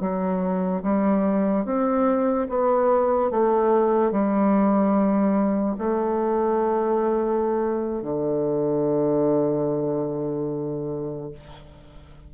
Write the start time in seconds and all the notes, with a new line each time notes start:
0.00 F#3
0.83 G3
1.65 C4
2.49 B3
3.31 A3
4.12 G3
5.78 A3
8.02 D3